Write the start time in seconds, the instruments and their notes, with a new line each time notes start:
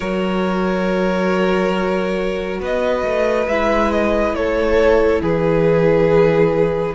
0.00 cello F#3, viola F#4, violin A#4 C#5
2.59 cello B3, violin B4 D#5
3.03 cello A3
3.47 cello G#3, viola E4, violin E5
3.91 violin D#5
4.33 cello A3, violin A4 C#5
5.22 cello E3, violin G#4 B4